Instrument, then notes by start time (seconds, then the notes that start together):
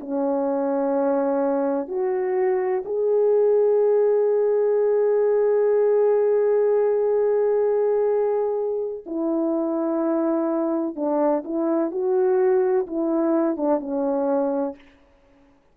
horn
0.00 C#4
1.88 F#4
2.85 G#4
9.06 E4
10.95 D4
11.44 E4
11.91 F#4
12.87 E4
13.57 D4
13.80 C#4